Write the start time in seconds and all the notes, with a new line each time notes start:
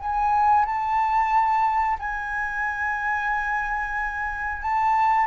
0.00 G#5
0.66 A5
1.99 G#5
4.63 A5